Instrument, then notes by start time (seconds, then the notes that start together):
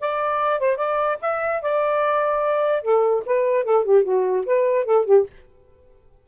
saxophone
0.00 D5
0.59 C5
0.76 D5
1.21 E5
1.62 D5
2.82 A4
3.26 B4
3.64 A4
3.84 G4
4.04 F#4
4.46 B4
4.85 A4
5.05 G4